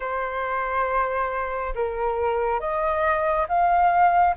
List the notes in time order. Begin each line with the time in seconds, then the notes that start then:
0.00 C5
1.74 A#4
2.60 D#5
3.48 F5